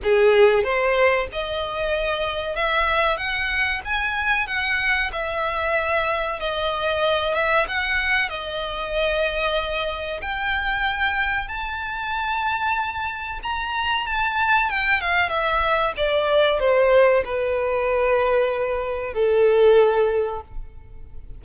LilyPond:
\new Staff \with { instrumentName = "violin" } { \time 4/4 \tempo 4 = 94 gis'4 c''4 dis''2 | e''4 fis''4 gis''4 fis''4 | e''2 dis''4. e''8 | fis''4 dis''2. |
g''2 a''2~ | a''4 ais''4 a''4 g''8 f''8 | e''4 d''4 c''4 b'4~ | b'2 a'2 | }